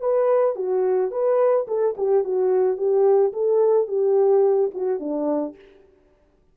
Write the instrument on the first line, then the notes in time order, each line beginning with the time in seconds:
horn
0.00 B4
0.55 F#4
1.11 B4
1.67 A4
1.97 G4
2.24 F#4
2.77 G4
3.33 A4
3.87 G4
4.74 F#4
4.99 D4